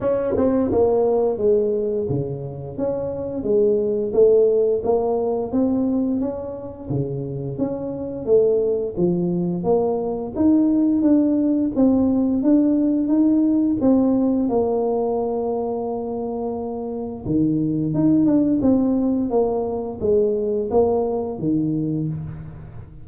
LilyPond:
\new Staff \with { instrumentName = "tuba" } { \time 4/4 \tempo 4 = 87 cis'8 c'8 ais4 gis4 cis4 | cis'4 gis4 a4 ais4 | c'4 cis'4 cis4 cis'4 | a4 f4 ais4 dis'4 |
d'4 c'4 d'4 dis'4 | c'4 ais2.~ | ais4 dis4 dis'8 d'8 c'4 | ais4 gis4 ais4 dis4 | }